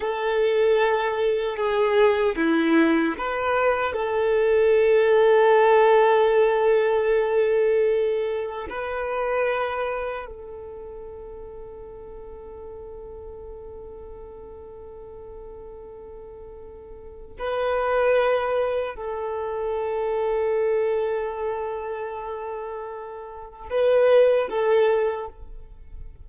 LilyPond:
\new Staff \with { instrumentName = "violin" } { \time 4/4 \tempo 4 = 76 a'2 gis'4 e'4 | b'4 a'2.~ | a'2. b'4~ | b'4 a'2.~ |
a'1~ | a'2 b'2 | a'1~ | a'2 b'4 a'4 | }